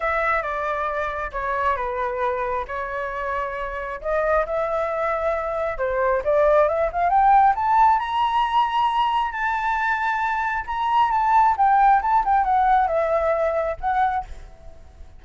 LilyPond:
\new Staff \with { instrumentName = "flute" } { \time 4/4 \tempo 4 = 135 e''4 d''2 cis''4 | b'2 cis''2~ | cis''4 dis''4 e''2~ | e''4 c''4 d''4 e''8 f''8 |
g''4 a''4 ais''2~ | ais''4 a''2. | ais''4 a''4 g''4 a''8 g''8 | fis''4 e''2 fis''4 | }